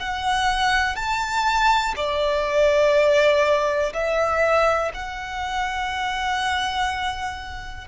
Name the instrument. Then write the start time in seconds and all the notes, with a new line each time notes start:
violin
0.00 F#5
0.96 A5
1.96 D5
3.93 E5
4.94 F#5